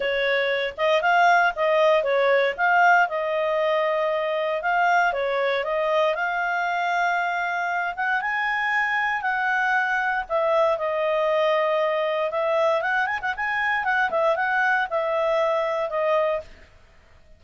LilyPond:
\new Staff \with { instrumentName = "clarinet" } { \time 4/4 \tempo 4 = 117 cis''4. dis''8 f''4 dis''4 | cis''4 f''4 dis''2~ | dis''4 f''4 cis''4 dis''4 | f''2.~ f''8 fis''8 |
gis''2 fis''2 | e''4 dis''2. | e''4 fis''8 gis''16 fis''16 gis''4 fis''8 e''8 | fis''4 e''2 dis''4 | }